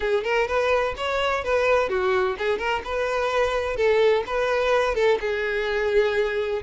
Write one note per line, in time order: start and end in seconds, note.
0.00 0.24 G#4
0.24 0.47 A#4
0.47 0.94 B4
0.96 1.43 C#5
1.43 1.89 B4
1.89 2.36 F#4
2.38 2.58 G#4
2.58 2.82 A#4
2.84 3.76 B4
3.76 4.23 A4
4.26 4.95 B4
4.95 5.18 A4
5.20 6.62 G#4